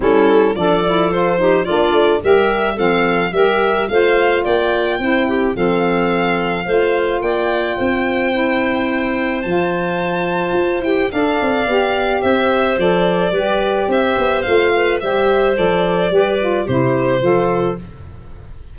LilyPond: <<
  \new Staff \with { instrumentName = "violin" } { \time 4/4 \tempo 4 = 108 a'4 d''4 c''4 d''4 | e''4 f''4 e''4 f''4 | g''2 f''2~ | f''4 g''2.~ |
g''4 a''2~ a''8 g''8 | f''2 e''4 d''4~ | d''4 e''4 f''4 e''4 | d''2 c''2 | }
  \new Staff \with { instrumentName = "clarinet" } { \time 4/4 e'4 a'4. g'8 f'4 | ais'4 a'4 ais'4 c''4 | d''4 c''8 g'8 a'2 | c''4 d''4 c''2~ |
c''1 | d''2 c''2 | b'4 c''4. b'8 c''4~ | c''4 b'4 g'4 a'4 | }
  \new Staff \with { instrumentName = "saxophone" } { \time 4/4 cis'4 d'8 e'8 f'8 dis'8 d'4 | g'4 c'4 g'4 f'4~ | f'4 e'4 c'2 | f'2. e'4~ |
e'4 f'2~ f'8 g'8 | a'4 g'2 a'4 | g'2 f'4 g'4 | a'4 g'8 f'8 e'4 f'4 | }
  \new Staff \with { instrumentName = "tuba" } { \time 4/4 g4 f2 ais8 a8 | g4 f4 g4 a4 | ais4 c'4 f2 | a4 ais4 c'2~ |
c'4 f2 f'8 e'8 | d'8 c'8 b4 c'4 f4 | g4 c'8 b8 a4 g4 | f4 g4 c4 f4 | }
>>